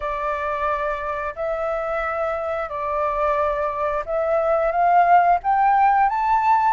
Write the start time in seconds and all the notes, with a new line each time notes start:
0.00 D5
1.35 E5
2.69 D5
4.05 E5
4.71 F5
5.43 G5
6.09 A5